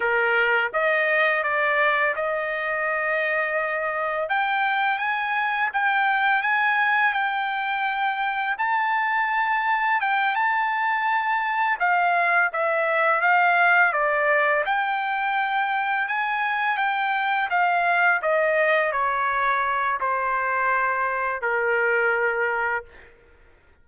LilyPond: \new Staff \with { instrumentName = "trumpet" } { \time 4/4 \tempo 4 = 84 ais'4 dis''4 d''4 dis''4~ | dis''2 g''4 gis''4 | g''4 gis''4 g''2 | a''2 g''8 a''4.~ |
a''8 f''4 e''4 f''4 d''8~ | d''8 g''2 gis''4 g''8~ | g''8 f''4 dis''4 cis''4. | c''2 ais'2 | }